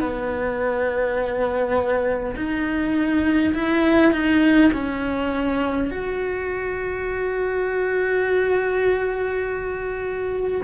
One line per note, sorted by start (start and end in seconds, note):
0.00 2.35 B3
2.36 3.54 D#4
3.55 4.12 E4
4.12 4.71 D#4
4.73 5.91 C#4
5.91 10.61 F#4